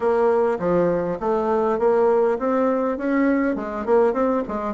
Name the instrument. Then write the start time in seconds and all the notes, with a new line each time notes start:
bassoon
0.00 A#3
0.59 F3
1.20 A3
1.78 A#3
2.38 C4
2.97 C#4
3.55 G#3
3.85 A#3
4.13 C4
4.48 G#3